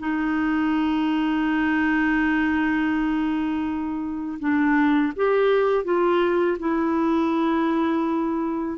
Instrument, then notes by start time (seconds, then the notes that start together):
clarinet
0.00 D#4
4.40 D4
5.16 G4
5.85 F4
6.60 E4